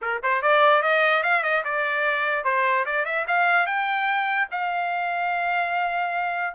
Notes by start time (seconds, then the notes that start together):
0.01 A#4
0.22 C5
0.41 D5
0.82 D#5
1.23 F5
1.43 D#5
1.64 D5
2.44 C5
2.85 D5
3.05 E5
3.27 F5
3.66 G5
4.51 F5